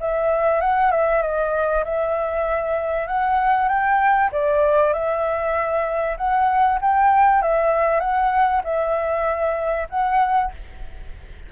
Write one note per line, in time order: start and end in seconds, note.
0.00 0.61 E5
0.61 0.91 F#5
0.91 1.22 E5
1.22 1.84 D#5
1.84 3.07 E5
3.07 3.68 F#5
3.68 4.30 G5
4.32 4.93 D5
4.93 6.17 E5
6.17 6.79 F#5
6.81 7.42 G5
7.42 8.00 E5
8.00 8.62 F#5
8.64 9.88 E5
9.89 10.51 F#5